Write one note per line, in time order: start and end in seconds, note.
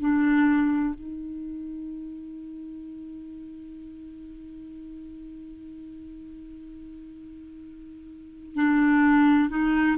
0.00 0.95 D4
0.95 8.55 D#4
8.55 9.50 D4
9.50 9.97 D#4